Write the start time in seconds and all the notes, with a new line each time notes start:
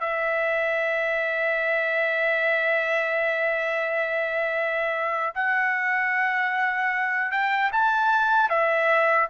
0.00 E5
5.34 F#5
7.31 G5
7.72 A5
8.49 E5